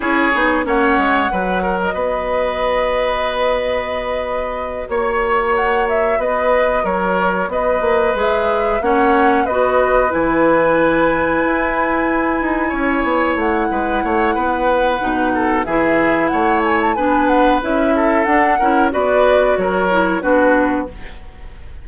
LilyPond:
<<
  \new Staff \with { instrumentName = "flute" } { \time 4/4 \tempo 4 = 92 cis''4 fis''4.~ fis''16 dis''4~ dis''16~ | dis''2.~ dis''8 cis''8~ | cis''8 fis''8 e''8 dis''4 cis''4 dis''8~ | dis''8 e''4 fis''4 dis''4 gis''8~ |
gis''1~ | gis''8 fis''2.~ fis''8 | e''4 fis''8 gis''16 a''16 gis''8 fis''8 e''4 | fis''4 d''4 cis''4 b'4 | }
  \new Staff \with { instrumentName = "oboe" } { \time 4/4 gis'4 cis''4 b'8 ais'8 b'4~ | b'2.~ b'8 cis''8~ | cis''4. b'4 ais'4 b'8~ | b'4. cis''4 b'4.~ |
b'2.~ b'8 cis''8~ | cis''4 b'8 cis''8 b'4. a'8 | gis'4 cis''4 b'4. a'8~ | a'8 ais'8 b'4 ais'4 fis'4 | }
  \new Staff \with { instrumentName = "clarinet" } { \time 4/4 e'8 dis'8 cis'4 fis'2~ | fis'1~ | fis'1~ | fis'8 gis'4 cis'4 fis'4 e'8~ |
e'1~ | e'2. dis'4 | e'2 d'4 e'4 | d'8 e'8 fis'4. e'8 d'4 | }
  \new Staff \with { instrumentName = "bassoon" } { \time 4/4 cis'8 b8 ais8 gis8 fis4 b4~ | b2.~ b8 ais8~ | ais4. b4 fis4 b8 | ais8 gis4 ais4 b4 e8~ |
e4. e'4. dis'8 cis'8 | b8 a8 gis8 a8 b4 b,4 | e4 a4 b4 cis'4 | d'8 cis'8 b4 fis4 b4 | }
>>